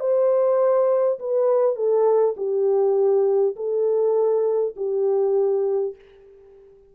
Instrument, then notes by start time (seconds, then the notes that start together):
horn
0.00 C5
1.19 B4
1.76 A4
2.37 G4
3.56 A4
4.77 G4